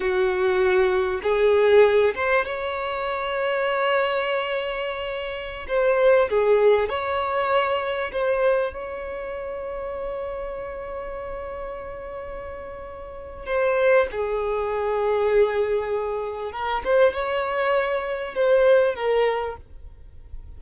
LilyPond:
\new Staff \with { instrumentName = "violin" } { \time 4/4 \tempo 4 = 98 fis'2 gis'4. c''8 | cis''1~ | cis''4~ cis''16 c''4 gis'4 cis''8.~ | cis''4~ cis''16 c''4 cis''4.~ cis''16~ |
cis''1~ | cis''2 c''4 gis'4~ | gis'2. ais'8 c''8 | cis''2 c''4 ais'4 | }